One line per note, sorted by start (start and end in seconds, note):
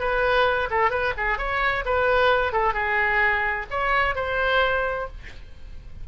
0.00 0.69 B4
0.71 0.91 A4
0.91 1.14 B4
1.17 1.38 G#4
1.38 1.85 C#5
1.86 2.53 B4
2.53 2.74 A4
2.74 3.67 G#4
3.70 4.16 C#5
4.16 5.08 C5